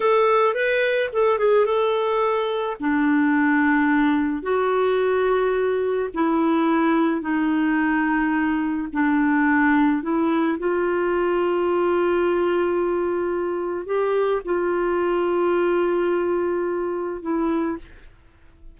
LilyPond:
\new Staff \with { instrumentName = "clarinet" } { \time 4/4 \tempo 4 = 108 a'4 b'4 a'8 gis'8 a'4~ | a'4 d'2. | fis'2. e'4~ | e'4 dis'2. |
d'2 e'4 f'4~ | f'1~ | f'4 g'4 f'2~ | f'2. e'4 | }